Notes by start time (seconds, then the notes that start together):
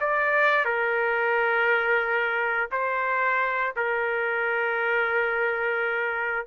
0.00 D5
0.64 A#4
2.71 C5
3.76 A#4